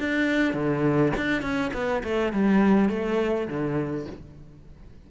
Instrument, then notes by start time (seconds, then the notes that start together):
cello
0.00 D4
0.54 D3
1.17 D4
1.42 C#4
1.74 B3
2.04 A3
2.33 G3
2.90 A3
3.48 D3